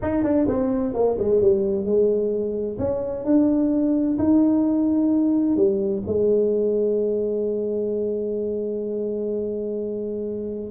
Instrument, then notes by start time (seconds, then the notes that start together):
tuba
0.01 D#4
0.23 D4
0.48 C4
0.93 A#3
1.18 G#3
1.41 G3
1.85 G#3
2.78 C#4
3.25 D4
4.18 D#4
5.56 G3
6.07 G#3